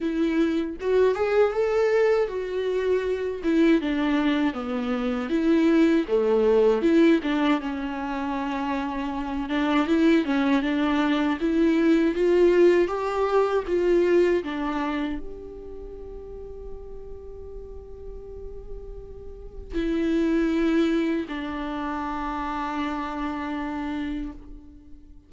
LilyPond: \new Staff \with { instrumentName = "viola" } { \time 4/4 \tempo 4 = 79 e'4 fis'8 gis'8 a'4 fis'4~ | fis'8 e'8 d'4 b4 e'4 | a4 e'8 d'8 cis'2~ | cis'8 d'8 e'8 cis'8 d'4 e'4 |
f'4 g'4 f'4 d'4 | g'1~ | g'2 e'2 | d'1 | }